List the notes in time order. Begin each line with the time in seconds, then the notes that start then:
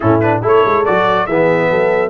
0.00 A2 C#4 E4 A4
0.20 D4 B4
0.42 A3 E4 A4 C#5
0.65 G#3
0.85 F#3 F#4 D5
1.26 E3 B3 G#4 E5
1.70 F#3 A4